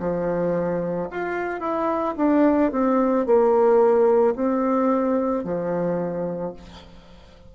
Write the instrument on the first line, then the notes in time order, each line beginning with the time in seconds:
bassoon
0.00 F3
1.11 F4
1.60 E4
2.17 D4
2.72 C4
3.26 A#3
4.35 C4
5.44 F3